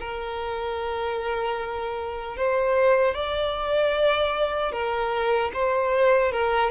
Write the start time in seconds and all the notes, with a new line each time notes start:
0.00 A#4
2.37 C5
3.15 D5
4.73 A#4
5.54 C5
6.32 A#4